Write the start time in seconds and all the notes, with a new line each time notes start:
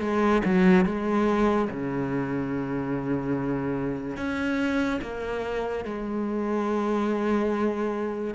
0.00 G#3
0.45 F#3
0.85 G#3
1.70 C#3
4.17 C#4
5.02 A#3
5.85 G#3